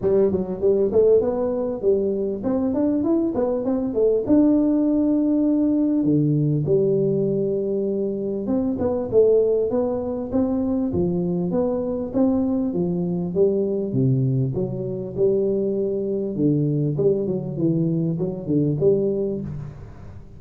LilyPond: \new Staff \with { instrumentName = "tuba" } { \time 4/4 \tempo 4 = 99 g8 fis8 g8 a8 b4 g4 | c'8 d'8 e'8 b8 c'8 a8 d'4~ | d'2 d4 g4~ | g2 c'8 b8 a4 |
b4 c'4 f4 b4 | c'4 f4 g4 c4 | fis4 g2 d4 | g8 fis8 e4 fis8 d8 g4 | }